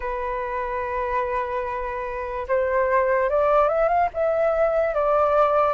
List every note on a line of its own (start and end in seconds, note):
0.00 2.47 B4
2.48 3.29 C5
3.29 3.68 D5
3.68 3.88 E5
3.88 4.09 F5
4.13 4.94 E5
4.94 5.74 D5